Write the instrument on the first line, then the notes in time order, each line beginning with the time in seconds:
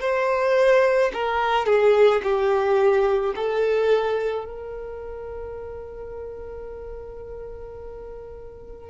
violin
0.00 C5
1.13 A#4
1.66 G#4
2.23 G4
3.35 A4
4.44 A#4